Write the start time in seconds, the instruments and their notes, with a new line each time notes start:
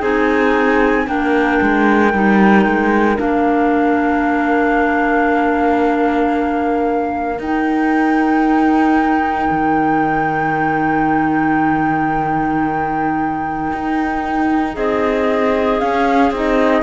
0.00 cello C4, clarinet D#4 G#4, flute G#5
1.07 cello A#3, clarinet D4 A#4, flute G5
1.62 cello G#3
2.14 cello G3, clarinet D#4
2.66 cello G#3
3.16 cello A#3, clarinet D4, flute F5
7.39 cello D#4, clarinet D#4, flute G5
9.51 cello D#3
13.73 cello D#4
14.75 cello C4, clarinet G#4, flute D#5
15.80 clarinet C#4, cello C#4, flute F5
16.32 cello C4, clarinet D#4, flute D#5